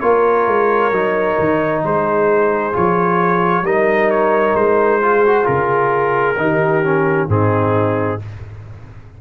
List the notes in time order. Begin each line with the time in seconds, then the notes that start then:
0.00 A#3 F4 A#4 C#5
0.47 G#3
0.91 F#3 D#4
1.39 D#3
1.83 G#3 G#4 C5
2.73 F3 F4 C#5
3.62 G3 D#4 A#4 D#5
4.10 C#5
4.54 G#3 C5
5.02 F4 G#4
5.26 F#4
5.44 C#3 F4 A#4
6.37 D#3 D#4 G4
6.83 C#4
7.28 G#2 C4 D#4 G#4